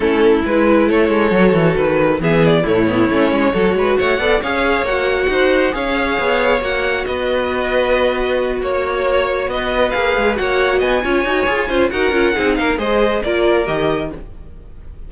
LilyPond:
<<
  \new Staff \with { instrumentName = "violin" } { \time 4/4 \tempo 4 = 136 a'4 b'4 cis''2 | b'4 e''8 d''8 cis''2~ | cis''4 fis''4 f''4 fis''4~ | fis''4 f''2 fis''4 |
dis''2.~ dis''8 cis''8~ | cis''4. dis''4 f''4 fis''8~ | fis''8 gis''2~ gis''8 fis''4~ | fis''8 f''8 dis''4 d''4 dis''4 | }
  \new Staff \with { instrumentName = "violin" } { \time 4/4 e'2 a'2~ | a'4 gis'4 e'2 | a'8 b'8 cis''8 d''8 cis''2 | c''4 cis''2. |
b'2.~ b'8 cis''8~ | cis''4. b'2 cis''8~ | cis''8 dis''8 cis''4. c''8 ais'4 | gis'8 ais'8 c''4 ais'2 | }
  \new Staff \with { instrumentName = "viola" } { \time 4/4 cis'4 e'2 fis'4~ | fis'4 b4 a8 b8 cis'4 | fis'4. a'8 gis'4 fis'4~ | fis'4 gis'2 fis'4~ |
fis'1~ | fis'2~ fis'8 gis'4 fis'8~ | fis'4 f'8 fis'8 gis'8 f'8 fis'8 f'8 | dis'4 gis'4 f'4 g'4 | }
  \new Staff \with { instrumentName = "cello" } { \time 4/4 a4 gis4 a8 gis8 fis8 e8 | dis4 e4 a,4 a8 gis8 | fis8 gis8 a8 b8 cis'4 ais4 | dis'4 cis'4 b4 ais4 |
b2.~ b8 ais8~ | ais4. b4 ais8 gis8 ais8~ | ais8 b8 cis'8 dis'8 f'8 cis'8 dis'8 cis'8 | c'8 ais8 gis4 ais4 dis4 | }
>>